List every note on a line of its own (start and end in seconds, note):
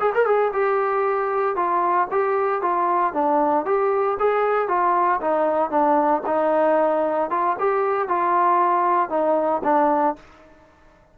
0.00 0.13 G#4
0.15 0.26 A#4
0.26 0.52 G#4
0.53 1.56 G4
1.56 2.08 F4
2.11 2.62 G4
2.62 3.14 F4
3.14 3.65 D4
3.65 4.18 G4
4.20 4.68 G#4
4.68 5.21 F4
5.21 5.70 D#4
5.70 6.22 D4
6.26 7.30 D#4
7.30 7.57 F4
7.59 8.08 G4
8.08 9.10 F4
9.10 9.62 D#4
9.64 10.16 D4